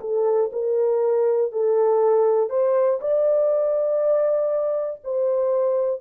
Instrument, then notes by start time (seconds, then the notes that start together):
horn
0.00 A4
0.52 A#4
1.52 A4
2.50 C5
3.00 D5
5.04 C5